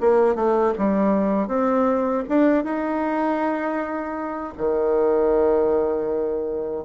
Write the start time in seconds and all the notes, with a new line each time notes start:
0.00 A#3
0.35 A3
0.78 G3
1.47 C4
2.29 D4
2.64 D#4
4.57 D#3